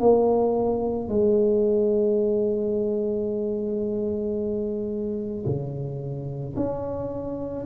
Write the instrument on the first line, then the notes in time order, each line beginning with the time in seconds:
tuba
0.00 A#3
1.09 G#3
5.46 C#3
6.56 C#4